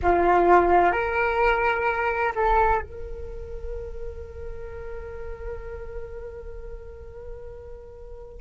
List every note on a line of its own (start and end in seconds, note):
0.02 0.92 F4
0.92 2.32 A#4
2.35 2.81 A4
2.81 8.41 A#4